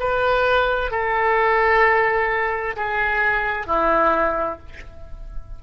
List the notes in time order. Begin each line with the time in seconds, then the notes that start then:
0.00 B4
0.91 A4
2.77 G#4
3.67 E4